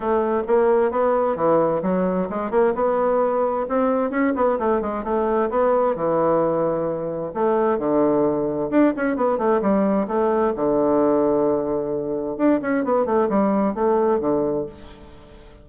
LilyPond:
\new Staff \with { instrumentName = "bassoon" } { \time 4/4 \tempo 4 = 131 a4 ais4 b4 e4 | fis4 gis8 ais8 b2 | c'4 cis'8 b8 a8 gis8 a4 | b4 e2. |
a4 d2 d'8 cis'8 | b8 a8 g4 a4 d4~ | d2. d'8 cis'8 | b8 a8 g4 a4 d4 | }